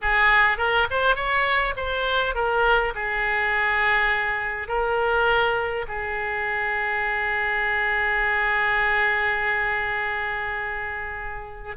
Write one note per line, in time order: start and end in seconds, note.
0.01 0.57 G#4
0.57 0.87 A#4
0.90 1.15 C5
1.15 1.74 C#5
1.76 2.34 C5
2.34 2.93 A#4
2.94 4.68 G#4
4.68 5.85 A#4
5.87 11.76 G#4